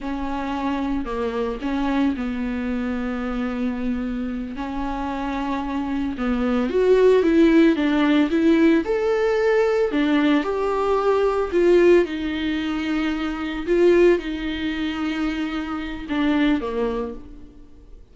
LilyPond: \new Staff \with { instrumentName = "viola" } { \time 4/4 \tempo 4 = 112 cis'2 ais4 cis'4 | b1~ | b8 cis'2. b8~ | b8 fis'4 e'4 d'4 e'8~ |
e'8 a'2 d'4 g'8~ | g'4. f'4 dis'4.~ | dis'4. f'4 dis'4.~ | dis'2 d'4 ais4 | }